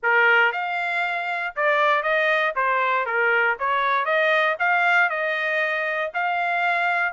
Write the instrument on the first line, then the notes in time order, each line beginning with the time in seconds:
trumpet
0.02 A#4
0.52 F5
1.56 D5
2.02 D#5
2.55 C5
3.06 A#4
3.59 C#5
4.05 D#5
4.59 F5
5.09 D#5
6.13 F5